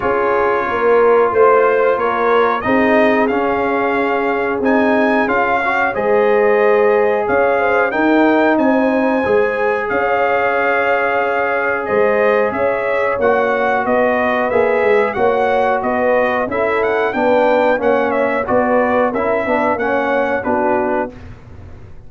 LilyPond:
<<
  \new Staff \with { instrumentName = "trumpet" } { \time 4/4 \tempo 4 = 91 cis''2 c''4 cis''4 | dis''4 f''2 gis''4 | f''4 dis''2 f''4 | g''4 gis''2 f''4~ |
f''2 dis''4 e''4 | fis''4 dis''4 e''4 fis''4 | dis''4 e''8 fis''8 g''4 fis''8 e''8 | d''4 e''4 fis''4 b'4 | }
  \new Staff \with { instrumentName = "horn" } { \time 4/4 gis'4 ais'4 c''4 ais'4 | gis'1~ | gis'8 cis''8 c''2 cis''8 c''8 | ais'4 c''2 cis''4~ |
cis''2 c''4 cis''4~ | cis''4 b'2 cis''4 | b'4 a'4 b'4 cis''4 | b'4 ais'8 b'8 cis''4 fis'4 | }
  \new Staff \with { instrumentName = "trombone" } { \time 4/4 f'1 | dis'4 cis'2 dis'4 | f'8 fis'8 gis'2. | dis'2 gis'2~ |
gis'1 | fis'2 gis'4 fis'4~ | fis'4 e'4 d'4 cis'4 | fis'4 e'8 d'8 cis'4 d'4 | }
  \new Staff \with { instrumentName = "tuba" } { \time 4/4 cis'4 ais4 a4 ais4 | c'4 cis'2 c'4 | cis'4 gis2 cis'4 | dis'4 c'4 gis4 cis'4~ |
cis'2 gis4 cis'4 | ais4 b4 ais8 gis8 ais4 | b4 cis'4 b4 ais4 | b4 cis'8 b8 ais4 b4 | }
>>